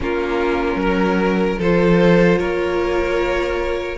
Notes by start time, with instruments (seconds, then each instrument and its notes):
0.00 cello A#3, viola C#4, violin F4 A#4
0.75 cello F#3, violin A#4
1.58 cello F3, viola F4, violin A4 C5
2.38 cello A#3, violin A#4 C#5